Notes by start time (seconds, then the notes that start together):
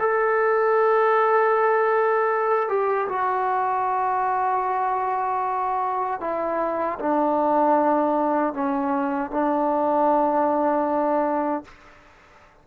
0.00 A4
2.69 G4
3.09 F#4
6.21 E4
7.00 D4
8.54 C#4
9.31 D4